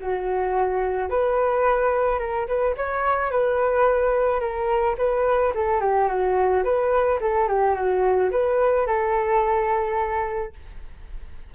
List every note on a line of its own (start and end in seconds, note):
0.00 1.10 F#4
1.10 2.19 B4
2.19 2.47 A#4
2.47 2.75 B4
2.77 3.31 C#5
3.31 4.40 B4
4.40 4.96 A#4
4.98 5.53 B4
5.55 5.80 A4
5.80 6.08 G4
6.08 6.63 F#4
6.64 7.19 B4
7.20 7.48 A4
7.48 7.75 G4
7.75 8.31 F#4
8.31 8.86 B4
8.86 10.53 A4